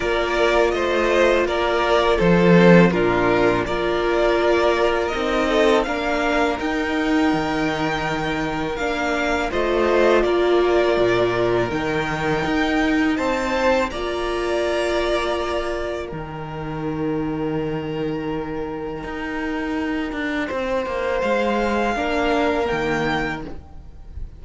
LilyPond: <<
  \new Staff \with { instrumentName = "violin" } { \time 4/4 \tempo 4 = 82 d''4 dis''4 d''4 c''4 | ais'4 d''2 dis''4 | f''4 g''2. | f''4 dis''4 d''2 |
g''2 a''4 ais''4~ | ais''2 g''2~ | g''1~ | g''4 f''2 g''4 | }
  \new Staff \with { instrumentName = "violin" } { \time 4/4 ais'4 c''4 ais'4 a'4 | f'4 ais'2~ ais'8 a'8 | ais'1~ | ais'4 c''4 ais'2~ |
ais'2 c''4 d''4~ | d''2 ais'2~ | ais'1 | c''2 ais'2 | }
  \new Staff \with { instrumentName = "viola" } { \time 4/4 f'2.~ f'8 c'8 | d'4 f'2 dis'4 | d'4 dis'2. | d'4 f'2. |
dis'2. f'4~ | f'2 dis'2~ | dis'1~ | dis'2 d'4 ais4 | }
  \new Staff \with { instrumentName = "cello" } { \time 4/4 ais4 a4 ais4 f4 | ais,4 ais2 c'4 | ais4 dis'4 dis2 | ais4 a4 ais4 ais,4 |
dis4 dis'4 c'4 ais4~ | ais2 dis2~ | dis2 dis'4. d'8 | c'8 ais8 gis4 ais4 dis4 | }
>>